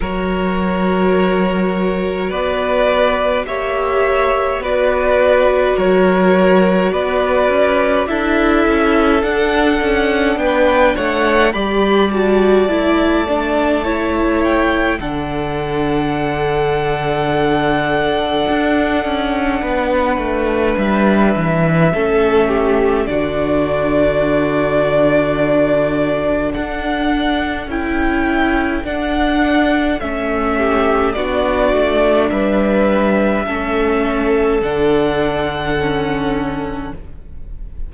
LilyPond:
<<
  \new Staff \with { instrumentName = "violin" } { \time 4/4 \tempo 4 = 52 cis''2 d''4 e''4 | d''4 cis''4 d''4 e''4 | fis''4 g''8 fis''8 b''8 a''4.~ | a''8 g''8 fis''2.~ |
fis''2 e''2 | d''2. fis''4 | g''4 fis''4 e''4 d''4 | e''2 fis''2 | }
  \new Staff \with { instrumentName = "violin" } { \time 4/4 ais'2 b'4 cis''4 | b'4 ais'4 b'4 a'4~ | a'4 b'8 cis''8 d''2 | cis''4 a'2.~ |
a'4 b'2 a'8 g'8 | fis'2. a'4~ | a'2~ a'8 g'8 fis'4 | b'4 a'2. | }
  \new Staff \with { instrumentName = "viola" } { \time 4/4 fis'2. g'4 | fis'2. e'4 | d'2 g'8 fis'8 e'8 d'8 | e'4 d'2.~ |
d'2. cis'4 | d'1 | e'4 d'4 cis'4 d'4~ | d'4 cis'4 d'4 cis'4 | }
  \new Staff \with { instrumentName = "cello" } { \time 4/4 fis2 b4 ais4 | b4 fis4 b8 cis'8 d'8 cis'8 | d'8 cis'8 b8 a8 g4 a4~ | a4 d2. |
d'8 cis'8 b8 a8 g8 e8 a4 | d2. d'4 | cis'4 d'4 a4 b8 a8 | g4 a4 d2 | }
>>